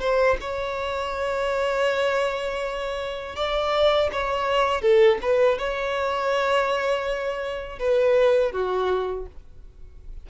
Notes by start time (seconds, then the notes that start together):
0.00 C5
0.41 C#5
3.36 D5
4.12 C#5
4.81 A4
5.22 B4
5.58 C#5
7.79 B4
8.53 F#4